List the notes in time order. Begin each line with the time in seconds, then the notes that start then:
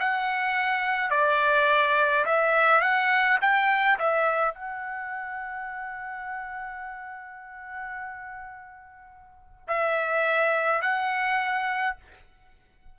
0.00 F#5
1.11 D5
2.26 E5
2.82 F#5
3.42 G5
3.99 E5
4.55 F#5
9.68 E5
10.82 F#5